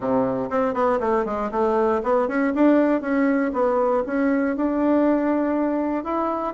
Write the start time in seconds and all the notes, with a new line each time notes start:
0.00 C3
0.50 C4
0.74 B3
0.99 A3
1.25 G#3
1.51 A3
2.03 B3
2.28 C#4
2.54 D4
3.01 C#4
3.53 B3
4.06 C#4
4.56 D4
6.04 E4